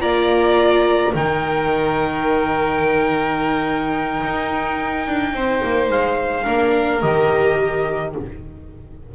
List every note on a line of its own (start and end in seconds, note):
0.00 1.13 A#3
0.00 1.12 F4
0.00 1.12 D5
0.00 1.13 A#5
1.12 4.22 D#3
1.12 6.43 D#4
1.12 5.32 A#4
1.12 5.90 G5
4.23 5.07 D#4
5.07 5.33 D4
5.33 5.61 C4
5.33 6.43 C5
5.63 5.89 A#3
5.89 6.45 G#3
5.89 7.01 F5
6.43 7.02 A#3
6.43 7.00 D4
6.43 8.11 A#4
7.01 8.15 D#3
7.01 8.13 G4
7.01 8.14 D#5